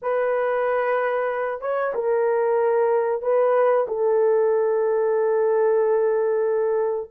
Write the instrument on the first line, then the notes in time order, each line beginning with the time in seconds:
horn
0.01 B4
1.61 C#5
1.94 A#4
3.22 B4
3.87 A4